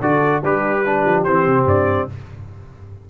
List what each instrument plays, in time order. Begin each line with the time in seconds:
0.00 tuba D3, trombone F#4, horn A4, trumpet D5
0.41 tuba G3, horn D4, trombone G4, trumpet B4
0.85 trombone D4, horn G4
1.05 tuba F3
1.23 tuba E3, trombone C4, trumpet C5
1.46 tuba C3
1.65 tuba G2, trumpet D5